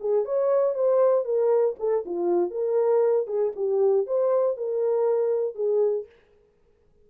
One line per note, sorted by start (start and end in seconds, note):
0.00 0.24 G#4
0.24 0.74 C#5
0.74 1.24 C5
1.24 1.75 A#4
1.79 2.04 A4
2.05 2.50 F4
2.50 3.27 A#4
3.27 3.52 G#4
3.55 4.06 G4
4.06 4.57 C5
4.57 5.55 A#4
5.55 6.06 G#4